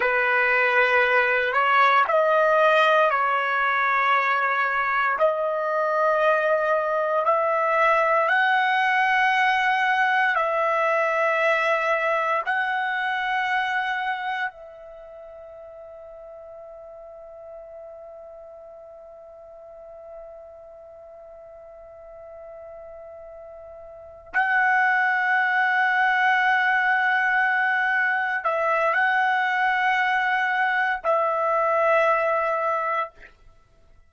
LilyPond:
\new Staff \with { instrumentName = "trumpet" } { \time 4/4 \tempo 4 = 58 b'4. cis''8 dis''4 cis''4~ | cis''4 dis''2 e''4 | fis''2 e''2 | fis''2 e''2~ |
e''1~ | e''2.~ e''8 fis''8~ | fis''2.~ fis''8 e''8 | fis''2 e''2 | }